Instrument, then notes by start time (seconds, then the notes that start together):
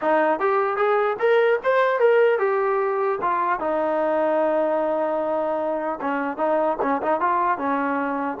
trombone
0.01 D#4
0.39 G4
0.77 G#4
1.19 A#4
1.63 C5
1.99 A#4
2.38 G4
3.21 F4
3.59 D#4
6.01 C#4
6.37 D#4
6.81 C#4
7.01 D#4
7.20 F4
7.58 C#4